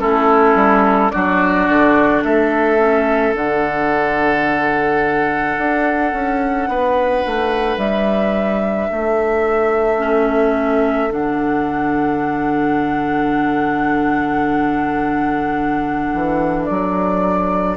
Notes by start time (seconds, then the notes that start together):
0.00 A3 C#4 E4 A4
0.56 G3
1.11 F#3 D4 F#4 D5
1.69 D3
2.24 A3 A4 E5
2.79 C#4
3.34 D3 D4 F#5
5.58 D4
6.13 C#4
6.68 B3 B4
7.27 A3
7.78 G3 E5
8.90 A3 A4
9.99 C#4
11.10 D3 D4 F#5
16.14 E3
16.66 F#3 D5